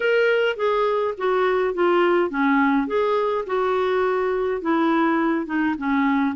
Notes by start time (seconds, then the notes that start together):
0.00 A#4
0.56 G#4
1.17 F#4
1.74 F4
2.29 C#4
2.87 G#4
3.46 F#4
4.61 E4
5.46 D#4
5.78 C#4